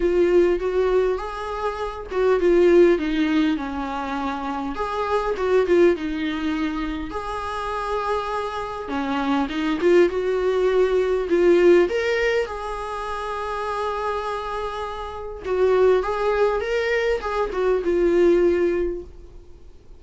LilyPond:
\new Staff \with { instrumentName = "viola" } { \time 4/4 \tempo 4 = 101 f'4 fis'4 gis'4. fis'8 | f'4 dis'4 cis'2 | gis'4 fis'8 f'8 dis'2 | gis'2. cis'4 |
dis'8 f'8 fis'2 f'4 | ais'4 gis'2.~ | gis'2 fis'4 gis'4 | ais'4 gis'8 fis'8 f'2 | }